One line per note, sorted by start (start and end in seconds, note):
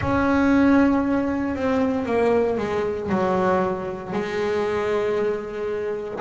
0.01 1.55 C#4
1.55 2.05 C4
2.05 2.57 A#3
2.57 3.09 G#3
3.09 4.12 F#3
4.12 6.19 G#3